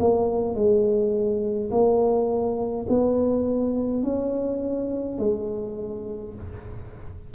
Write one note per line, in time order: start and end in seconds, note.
0.00 0.55 A#3
0.55 1.70 G#3
1.72 2.87 A#3
2.89 4.03 B3
4.03 5.19 C#4
5.19 6.34 G#3